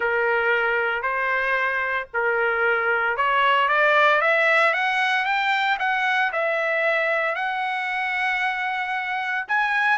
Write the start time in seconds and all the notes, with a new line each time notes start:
0.00 A#4
1.02 C5
2.13 A#4
3.17 C#5
3.68 D5
4.21 E5
4.73 F#5
5.25 G5
5.79 F#5
6.32 E5
7.35 F#5
9.48 G#5